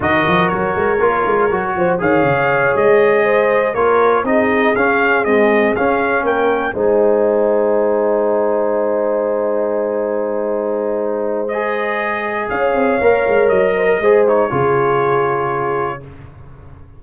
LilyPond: <<
  \new Staff \with { instrumentName = "trumpet" } { \time 4/4 \tempo 4 = 120 dis''4 cis''2. | f''4. dis''2 cis''8~ | cis''8 dis''4 f''4 dis''4 f''8~ | f''8 g''4 gis''2~ gis''8~ |
gis''1~ | gis''2. dis''4~ | dis''4 f''2 dis''4~ | dis''8 cis''2.~ cis''8 | }
  \new Staff \with { instrumentName = "horn" } { \time 4/4 ais'2.~ ais'8 c''8 | cis''2~ cis''8 c''4 ais'8~ | ais'8 gis'2.~ gis'8~ | gis'8 ais'4 c''2~ c''8~ |
c''1~ | c''1~ | c''4 cis''2~ cis''8 c''16 ais'16 | c''4 gis'2. | }
  \new Staff \with { instrumentName = "trombone" } { \time 4/4 fis'2 f'4 fis'4 | gis'2.~ gis'8 f'8~ | f'8 dis'4 cis'4 gis4 cis'8~ | cis'4. dis'2~ dis'8~ |
dis'1~ | dis'2. gis'4~ | gis'2 ais'2 | gis'8 dis'8 f'2. | }
  \new Staff \with { instrumentName = "tuba" } { \time 4/4 dis8 f8 fis8 gis8 ais8 gis8 fis8 f8 | dis8 cis4 gis2 ais8~ | ais8 c'4 cis'4 c'4 cis'8~ | cis'8 ais4 gis2~ gis8~ |
gis1~ | gis1~ | gis4 cis'8 c'8 ais8 gis8 fis4 | gis4 cis2. | }
>>